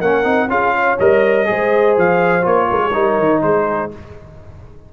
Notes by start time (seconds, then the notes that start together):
0.00 A#3 C#4 A#4 F#5
0.24 C4 D#4
0.48 C#4 F4 G#4 F5
0.75 C#5
1.00 G3 A#4 D#5
1.46 G#3 G#4 C5
1.98 F3 F5
2.42 A#3 F4 C#5
2.70 G#3 A#4
2.83 G#4
2.94 G3 D#4 A#4
3.19 D#3
3.42 G#3 G#4 C5